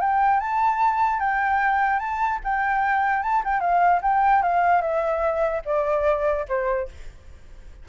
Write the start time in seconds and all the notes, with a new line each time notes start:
0.00 G5
0.40 A5
1.19 G5
1.99 A5
2.44 G5
3.22 A5
3.44 G5
3.60 F5
4.02 G5
4.42 F5
4.81 E5
5.65 D5
6.48 C5